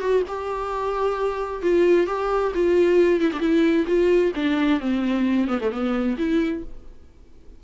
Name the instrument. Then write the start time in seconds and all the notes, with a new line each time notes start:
viola
0.00 F#4
0.28 G4
1.62 F4
2.07 G4
2.55 F4
3.20 E4
3.33 D4
3.40 E4
3.87 F4
4.35 D4
4.80 C4
5.48 B3
5.61 A3
5.71 B3
6.18 E4